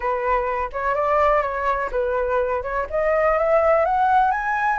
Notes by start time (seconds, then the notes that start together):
0.00 B4
0.72 C#5
0.94 D5
1.42 C#5
1.91 B4
2.62 C#5
2.90 D#5
3.38 E5
3.85 F#5
4.31 G#5